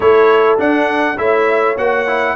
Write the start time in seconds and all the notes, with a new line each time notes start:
0.00 A3 E4 A4 C#5
0.58 D4 F#5
1.17 A3 E4 C#5 E5
1.76 A#3 F#4 F#5
2.07 E4